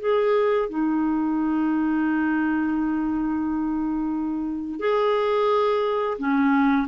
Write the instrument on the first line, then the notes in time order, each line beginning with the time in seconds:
clarinet
0.00 G#4
0.69 D#4
4.80 G#4
6.18 C#4